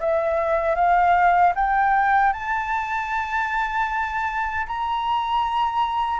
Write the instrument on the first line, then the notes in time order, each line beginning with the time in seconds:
flute
0.00 E5
0.75 F5
1.55 G5
2.33 A5
4.67 A#5